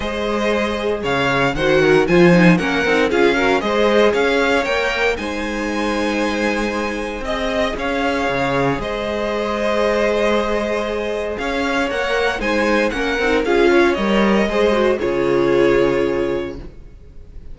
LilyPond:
<<
  \new Staff \with { instrumentName = "violin" } { \time 4/4 \tempo 4 = 116 dis''2 f''4 fis''4 | gis''4 fis''4 f''4 dis''4 | f''4 g''4 gis''2~ | gis''2 dis''4 f''4~ |
f''4 dis''2.~ | dis''2 f''4 fis''4 | gis''4 fis''4 f''4 dis''4~ | dis''4 cis''2. | }
  \new Staff \with { instrumentName = "violin" } { \time 4/4 c''2 cis''4 c''8 ais'8 | c''4 ais'4 gis'8 ais'8 c''4 | cis''2 c''2~ | c''2 dis''4 cis''4~ |
cis''4 c''2.~ | c''2 cis''2 | c''4 ais'4 gis'8 cis''4. | c''4 gis'2. | }
  \new Staff \with { instrumentName = "viola" } { \time 4/4 gis'2. fis'4 | f'8 dis'8 cis'8 dis'8 f'8 fis'8 gis'4~ | gis'4 ais'4 dis'2~ | dis'2 gis'2~ |
gis'1~ | gis'2. ais'4 | dis'4 cis'8 dis'8 f'4 ais'4 | gis'8 fis'8 f'2. | }
  \new Staff \with { instrumentName = "cello" } { \time 4/4 gis2 cis4 dis4 | f4 ais8 c'8 cis'4 gis4 | cis'4 ais4 gis2~ | gis2 c'4 cis'4 |
cis4 gis2.~ | gis2 cis'4 ais4 | gis4 ais8 c'8 cis'4 g4 | gis4 cis2. | }
>>